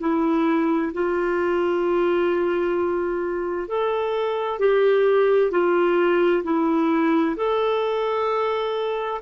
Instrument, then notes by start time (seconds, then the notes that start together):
clarinet
0.00 E4
0.93 F4
3.68 A4
4.59 G4
5.51 F4
6.44 E4
7.36 A4